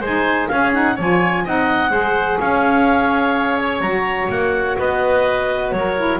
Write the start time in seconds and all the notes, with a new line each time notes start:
0.00 G#3 D#4 C5 G#5
0.47 C#4 G#4 F5
0.73 D#4 F#5
0.95 F3 F4 C#5 G#5
1.44 C4 D#4 D#5 F#5
1.89 G#3 G#4 C5
2.39 C#4 C#5 F5
3.58 C#5
3.80 F#3 F#4 A#5
4.29 A#3 F#5
4.78 B3 B4 D#5
5.71 F#3 C#5
5.77 A#4
5.96 E4